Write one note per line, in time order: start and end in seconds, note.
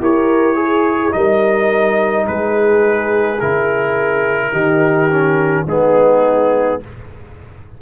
0.00 1.13 E4
0.00 0.55 G4
0.00 0.58 A#4
0.00 1.12 C#5
0.55 1.11 G#4
0.55 1.15 G#4
1.11 2.27 G3
1.11 3.37 D#4
1.11 2.27 A#4
1.11 2.26 D#5
2.27 3.41 G#3
2.27 4.51 G#4
2.27 3.40 B4
3.40 4.52 C#3
3.40 4.53 E4
3.40 5.67 A#4
4.51 5.65 D#3
4.51 5.09 D#4
4.51 5.64 G4
5.10 5.67 C#4
5.67 6.80 G#3
5.67 6.81 B3
5.67 6.81 D#4
5.67 6.81 G#4